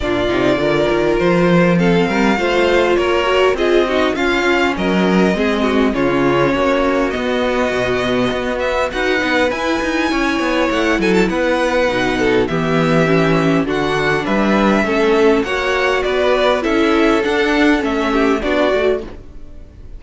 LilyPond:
<<
  \new Staff \with { instrumentName = "violin" } { \time 4/4 \tempo 4 = 101 d''2 c''4 f''4~ | f''4 cis''4 dis''4 f''4 | dis''2 cis''2 | dis''2~ dis''8 e''8 fis''4 |
gis''2 fis''8 gis''16 a''16 fis''4~ | fis''4 e''2 fis''4 | e''2 fis''4 d''4 | e''4 fis''4 e''4 d''4 | }
  \new Staff \with { instrumentName = "violin" } { \time 4/4 f'4 ais'2 a'8 ais'8 | c''4 ais'4 gis'8 fis'8 f'4 | ais'4 gis'8 fis'8 f'4 fis'4~ | fis'2. b'4~ |
b'4 cis''4. a'8 b'4~ | b'8 a'8 g'2 fis'4 | b'4 a'4 cis''4 b'4 | a'2~ a'8 g'8 fis'4 | }
  \new Staff \with { instrumentName = "viola" } { \time 4/4 d'8 dis'8 f'2 c'4 | f'4. fis'8 f'8 dis'8 cis'4~ | cis'4 c'4 cis'2 | b2. fis'8 dis'8 |
e'1 | dis'4 b4 cis'4 d'4~ | d'4 cis'4 fis'2 | e'4 d'4 cis'4 d'8 fis'8 | }
  \new Staff \with { instrumentName = "cello" } { \time 4/4 ais,8 c8 d8 dis8 f4. g8 | a4 ais4 c'4 cis'4 | fis4 gis4 cis4 ais4 | b4 b,4 b4 dis'8 b8 |
e'8 dis'8 cis'8 b8 a8 fis8 b4 | b,4 e2 d4 | g4 a4 ais4 b4 | cis'4 d'4 a4 b8 a8 | }
>>